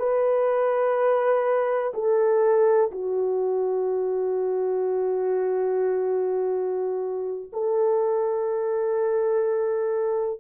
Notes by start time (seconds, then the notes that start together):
0.00 B4
1.94 A4
2.92 F#4
7.53 A4